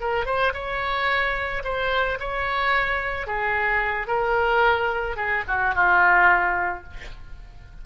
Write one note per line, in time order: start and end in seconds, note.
0.00 0.26 A#4
0.26 0.53 C5
0.53 1.62 C#5
1.64 2.18 C5
2.19 3.27 C#5
3.27 4.07 G#4
4.07 5.16 A#4
5.16 5.43 G#4
5.47 5.74 F#4
5.74 6.84 F4